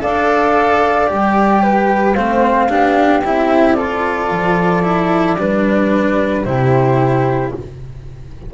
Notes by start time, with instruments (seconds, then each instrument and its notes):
0.00 double bass D4, cello A4, flute D5 F5
1.07 double bass G3, cello G4, flute G5
1.62 flute B4
2.14 double bass A3, cello C4, flute C5 F5
2.69 double bass B3, cello D4, flute G4
3.24 double bass C4, cello E4, flute E5
3.72 cello F4, flute A4 D5
4.30 double bass F3
4.82 cello E4
5.37 double bass G3, cello D4, flute B4
6.44 double bass C3, cello E4, flute G4 C5